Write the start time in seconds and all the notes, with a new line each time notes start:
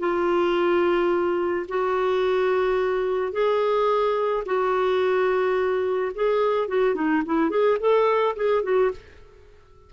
0.00 F4
1.68 F#4
3.33 G#4
4.46 F#4
6.15 G#4
6.68 F#4
6.95 D#4
7.26 E4
7.50 G#4
7.80 A4
8.36 G#4
8.64 F#4